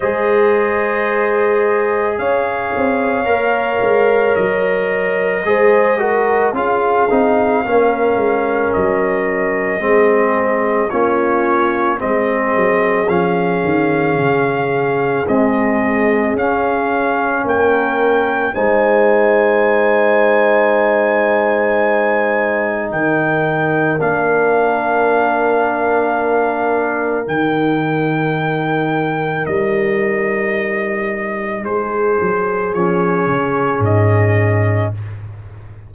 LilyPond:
<<
  \new Staff \with { instrumentName = "trumpet" } { \time 4/4 \tempo 4 = 55 dis''2 f''2 | dis''2 f''2 | dis''2 cis''4 dis''4 | f''2 dis''4 f''4 |
g''4 gis''2.~ | gis''4 g''4 f''2~ | f''4 g''2 dis''4~ | dis''4 c''4 cis''4 dis''4 | }
  \new Staff \with { instrumentName = "horn" } { \time 4/4 c''2 cis''2~ | cis''4 c''8 ais'8 gis'4 ais'4~ | ais'4 gis'4 f'4 gis'4~ | gis'1 |
ais'4 c''2.~ | c''4 ais'2.~ | ais'1~ | ais'4 gis'2. | }
  \new Staff \with { instrumentName = "trombone" } { \time 4/4 gis'2. ais'4~ | ais'4 gis'8 fis'8 f'8 dis'8 cis'4~ | cis'4 c'4 cis'4 c'4 | cis'2 gis4 cis'4~ |
cis'4 dis'2.~ | dis'2 d'2~ | d'4 dis'2.~ | dis'2 cis'2 | }
  \new Staff \with { instrumentName = "tuba" } { \time 4/4 gis2 cis'8 c'8 ais8 gis8 | fis4 gis4 cis'8 c'8 ais8 gis8 | fis4 gis4 ais4 gis8 fis8 | f8 dis8 cis4 c'4 cis'4 |
ais4 gis2.~ | gis4 dis4 ais2~ | ais4 dis2 g4~ | g4 gis8 fis8 f8 cis8 gis,4 | }
>>